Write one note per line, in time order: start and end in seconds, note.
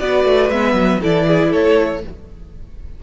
0.00 0.25 B3
0.00 0.51 F#4
0.00 1.01 B4
0.00 0.50 D5
0.25 0.50 A3
0.50 0.73 G#3
0.50 1.01 B3
0.50 1.01 E5
0.73 0.98 F#3
1.01 1.53 E3
1.01 2.02 E4
1.01 1.26 A4
1.01 1.53 D5
1.28 1.50 G#4
1.50 2.03 A3
1.50 2.00 A4
1.50 2.03 C#5